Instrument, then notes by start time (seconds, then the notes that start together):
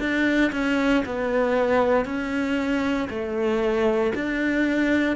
cello
0.00 D4
0.52 C#4
1.06 B3
2.05 C#4
3.10 A3
4.15 D4